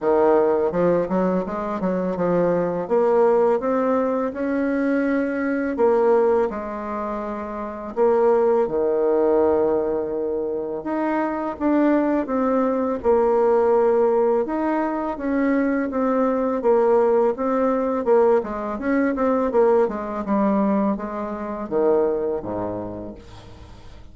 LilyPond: \new Staff \with { instrumentName = "bassoon" } { \time 4/4 \tempo 4 = 83 dis4 f8 fis8 gis8 fis8 f4 | ais4 c'4 cis'2 | ais4 gis2 ais4 | dis2. dis'4 |
d'4 c'4 ais2 | dis'4 cis'4 c'4 ais4 | c'4 ais8 gis8 cis'8 c'8 ais8 gis8 | g4 gis4 dis4 gis,4 | }